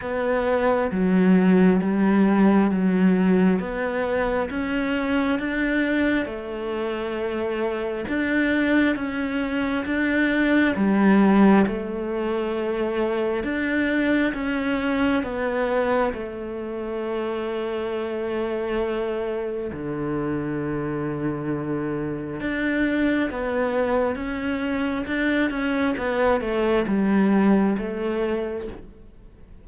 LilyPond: \new Staff \with { instrumentName = "cello" } { \time 4/4 \tempo 4 = 67 b4 fis4 g4 fis4 | b4 cis'4 d'4 a4~ | a4 d'4 cis'4 d'4 | g4 a2 d'4 |
cis'4 b4 a2~ | a2 d2~ | d4 d'4 b4 cis'4 | d'8 cis'8 b8 a8 g4 a4 | }